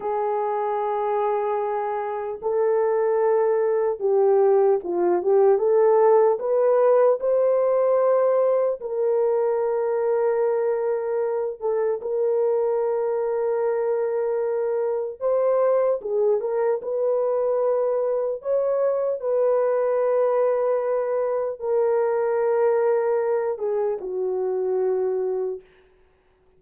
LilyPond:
\new Staff \with { instrumentName = "horn" } { \time 4/4 \tempo 4 = 75 gis'2. a'4~ | a'4 g'4 f'8 g'8 a'4 | b'4 c''2 ais'4~ | ais'2~ ais'8 a'8 ais'4~ |
ais'2. c''4 | gis'8 ais'8 b'2 cis''4 | b'2. ais'4~ | ais'4. gis'8 fis'2 | }